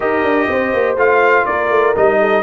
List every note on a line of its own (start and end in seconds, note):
0.00 0.22 D#4
0.00 0.97 G4
0.00 0.48 A#4
0.00 0.96 D#5
0.22 0.47 D4
0.48 0.73 C4
0.48 1.45 C5
0.73 0.96 A#3
0.96 1.45 A3
0.96 1.95 F4
0.96 1.45 F5
1.45 1.69 A#3
1.45 2.18 A#4
1.45 1.94 D5
1.69 1.94 A3
1.96 2.42 G3
1.96 2.42 D#4
1.96 2.42 D#5
2.19 2.42 A4